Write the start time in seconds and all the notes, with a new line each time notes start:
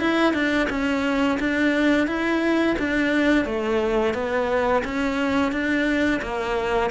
0.00 E4
0.34 D4
0.70 C#4
1.40 D4
2.08 E4
2.79 D4
3.45 A3
4.14 B3
4.84 C#4
5.52 D4
6.22 A#3